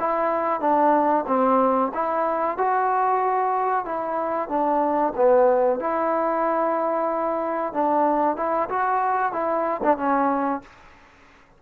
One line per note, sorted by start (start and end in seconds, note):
0.00 0.60 E4
0.60 1.25 D4
1.27 1.92 C4
1.94 2.57 E4
2.57 3.86 F#4
3.86 4.49 E4
4.49 5.13 D4
5.16 5.80 B3
5.80 7.73 E4
7.73 8.37 D4
8.37 8.69 E4
8.69 9.33 F#4
9.33 9.81 E4
9.83 9.97 D4
9.97 10.62 C#4